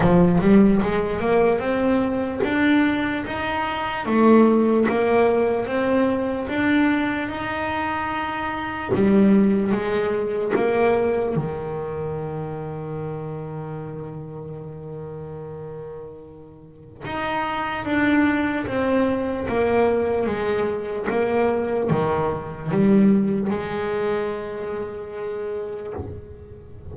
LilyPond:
\new Staff \with { instrumentName = "double bass" } { \time 4/4 \tempo 4 = 74 f8 g8 gis8 ais8 c'4 d'4 | dis'4 a4 ais4 c'4 | d'4 dis'2 g4 | gis4 ais4 dis2~ |
dis1~ | dis4 dis'4 d'4 c'4 | ais4 gis4 ais4 dis4 | g4 gis2. | }